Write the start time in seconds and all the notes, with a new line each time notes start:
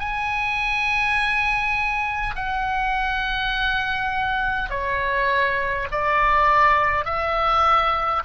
0.00 G#5
2.36 F#5
4.70 C#5
5.91 D5
7.05 E5